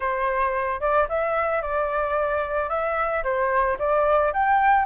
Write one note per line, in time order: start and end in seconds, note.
0.00 0.80 C5
0.80 1.07 D5
1.08 1.62 E5
1.62 2.69 D5
2.69 3.23 E5
3.23 3.77 C5
3.78 4.32 D5
4.33 4.85 G5